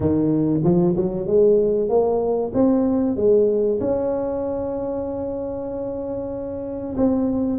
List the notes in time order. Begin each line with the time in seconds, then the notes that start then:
0.00 D#3
0.64 F3
0.96 F#3
1.27 G#3
1.89 A#3
2.53 C4
3.16 G#3
3.80 C#4
6.96 C4